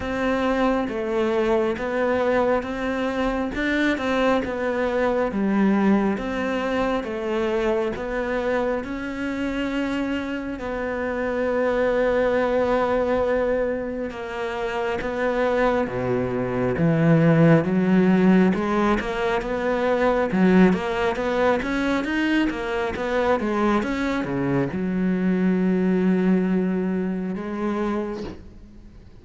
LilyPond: \new Staff \with { instrumentName = "cello" } { \time 4/4 \tempo 4 = 68 c'4 a4 b4 c'4 | d'8 c'8 b4 g4 c'4 | a4 b4 cis'2 | b1 |
ais4 b4 b,4 e4 | fis4 gis8 ais8 b4 fis8 ais8 | b8 cis'8 dis'8 ais8 b8 gis8 cis'8 cis8 | fis2. gis4 | }